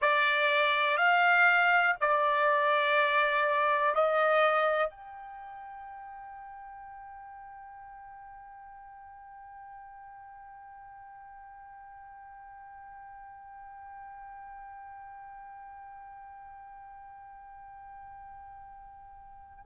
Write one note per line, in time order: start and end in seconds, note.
0.01 0.97 D5
0.97 1.95 F5
2.00 3.94 D5
3.94 4.90 D#5
4.90 19.65 G5